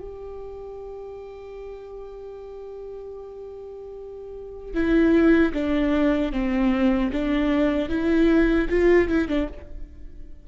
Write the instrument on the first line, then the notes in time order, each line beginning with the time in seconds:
viola
0.00 G4
4.74 E4
5.54 D4
6.32 C4
7.12 D4
7.89 E4
8.70 F4
9.09 E4
9.28 D4